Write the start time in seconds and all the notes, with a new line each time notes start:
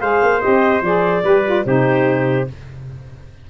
0.00 G#3 G#4 C5 F5
0.22 A#3
0.41 C4 G4 D#5
0.82 F3 G#4 D5
1.24 G3 G4 B4
1.45 F4
1.65 C3 D#4 G4 C5